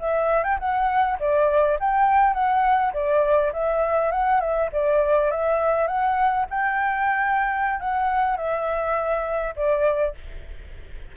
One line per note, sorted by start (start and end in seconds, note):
0.00 0.44 E5
0.44 0.59 G5
0.60 1.18 F#5
1.20 1.79 D5
1.80 2.34 G5
2.34 2.93 F#5
2.94 3.53 D5
3.53 4.11 E5
4.11 4.41 F#5
4.41 4.70 E5
4.73 5.31 D5
5.31 5.88 E5
5.88 6.47 F#5
6.50 7.80 G5
7.80 8.37 F#5
8.37 9.55 E5
9.56 10.15 D5